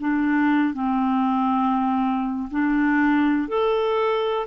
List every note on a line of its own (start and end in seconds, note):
0.00 0.74 D4
0.74 2.49 C4
2.51 3.49 D4
3.49 4.47 A4